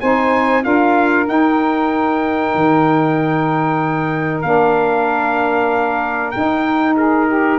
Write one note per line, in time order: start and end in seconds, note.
0.00 0.65 C4
0.00 0.61 D#4
0.00 0.64 C5
0.00 0.63 G#5
0.61 1.28 D4
0.61 1.24 F4
0.61 6.96 A#4
0.61 1.26 F5
1.26 4.42 D#4
1.26 2.54 D#4
1.26 4.41 G5
2.54 4.43 D#3
4.41 6.33 A#3
4.41 6.32 D4
4.41 6.31 F5
6.31 7.58 D#4
6.31 6.94 G5
6.96 7.27 G#4
6.96 7.58 A#4
7.27 7.58 G4